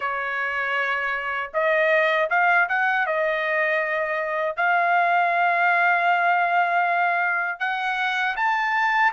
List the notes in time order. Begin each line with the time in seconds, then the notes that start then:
0.00 C#5
1.53 D#5
2.30 F5
2.69 F#5
3.06 D#5
4.56 F5
7.59 F#5
8.36 A5